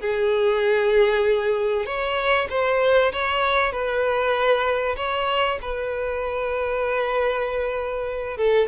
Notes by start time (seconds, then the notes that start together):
0.00 G#4
1.85 C#5
2.50 C5
3.12 C#5
3.72 B4
4.96 C#5
5.61 B4
8.37 A4